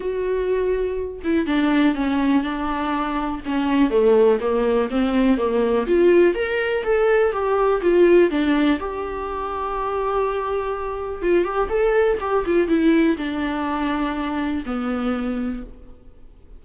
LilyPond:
\new Staff \with { instrumentName = "viola" } { \time 4/4 \tempo 4 = 123 fis'2~ fis'8 e'8 d'4 | cis'4 d'2 cis'4 | a4 ais4 c'4 ais4 | f'4 ais'4 a'4 g'4 |
f'4 d'4 g'2~ | g'2. f'8 g'8 | a'4 g'8 f'8 e'4 d'4~ | d'2 b2 | }